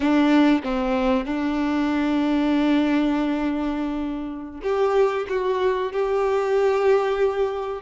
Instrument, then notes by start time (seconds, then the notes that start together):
violin
0.00 D4
0.63 C4
1.25 D4
4.62 G4
5.29 F#4
5.92 G4